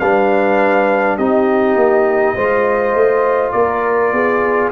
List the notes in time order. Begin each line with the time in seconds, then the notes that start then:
0.00 G3 D4 B4 F5
1.18 C4 D#4 G4 D#5
1.76 A#3
2.35 G#3 F4 C5
2.95 A3
3.52 A#3 A#4 D5
4.13 B3 G#4